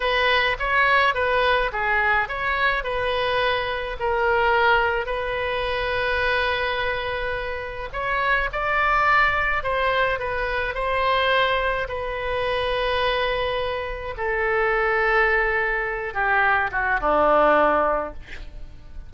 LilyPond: \new Staff \with { instrumentName = "oboe" } { \time 4/4 \tempo 4 = 106 b'4 cis''4 b'4 gis'4 | cis''4 b'2 ais'4~ | ais'4 b'2.~ | b'2 cis''4 d''4~ |
d''4 c''4 b'4 c''4~ | c''4 b'2.~ | b'4 a'2.~ | a'8 g'4 fis'8 d'2 | }